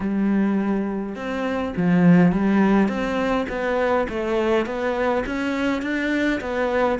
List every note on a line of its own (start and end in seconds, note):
0.00 1.15 G3
1.15 1.73 C4
1.76 2.32 F3
2.32 2.88 G3
2.88 3.46 C4
3.48 4.07 B3
4.09 4.65 A3
4.65 5.24 B3
5.26 5.82 C#4
5.82 6.40 D4
6.40 6.98 B3